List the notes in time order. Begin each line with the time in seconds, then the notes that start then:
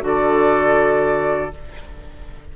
0.00 D3 F#4 A4 D5